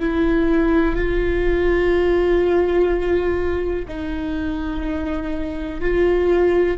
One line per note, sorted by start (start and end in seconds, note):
0.00 0.95 E4
0.95 3.86 F4
3.88 5.81 D#4
5.81 6.78 F4